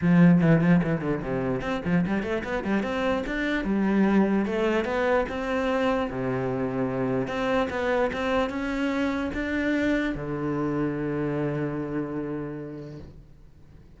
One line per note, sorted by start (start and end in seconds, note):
0.01 0.41 F3
0.41 0.61 E3
0.61 0.81 F3
0.83 1.01 E3
1.01 1.21 D3
1.22 1.61 C3
1.61 1.81 C4
1.85 2.05 F3
2.06 2.22 G3
2.22 2.43 A3
2.44 2.64 B3
2.64 2.82 G3
2.82 3.23 C4
3.26 3.64 D4
3.64 4.45 G3
4.45 4.84 A3
4.84 5.25 B3
5.29 6.10 C4
6.11 7.27 C3
7.27 7.68 C4
7.70 8.10 B3
8.12 8.49 C4
8.49 9.30 C#4
9.34 10.15 D4
10.15 12.99 D3